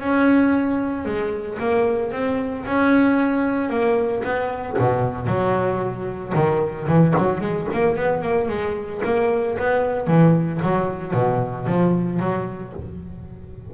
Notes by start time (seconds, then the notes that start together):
0.00 C#4
1.05 G#3
1.59 A#3
2.12 C4
2.66 C#4
3.70 A#3
4.24 B3
4.78 B2
5.27 F#3
6.34 D#3
6.88 E3
7.18 F#3
7.41 G#3
7.73 A#3
7.96 B3
8.22 A#3
8.49 G#3
9.05 A#3
9.58 B3
10.07 E3
10.63 F#3
11.14 B2
11.67 F3
12.20 F#3